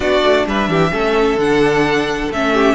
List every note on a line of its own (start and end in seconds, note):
0.00 0.22 B3
0.00 0.92 D4
0.00 0.46 F#4
0.00 0.45 D5
0.22 0.46 A3
0.46 0.68 G3
0.46 0.69 B4
0.46 1.39 E5
0.68 0.91 E3
0.68 0.92 G4
0.92 1.34 A3
0.92 1.38 C#4
0.92 2.52 A4
1.34 2.27 D3
1.34 2.32 D4
1.34 2.31 F#5
2.31 2.75 A3
2.31 2.75 C#4
2.31 2.75 E5
2.52 2.75 G4